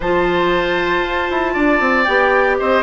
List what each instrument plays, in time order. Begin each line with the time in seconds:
0.00 bassoon F3, clarinet F4, oboe C5, flute A5
1.01 bassoon F4
1.30 bassoon E4
1.53 bassoon D4, oboe D5
1.80 bassoon C4
2.04 bassoon B3, clarinet G4, flute G5
2.58 bassoon C4, oboe C5, flute D#5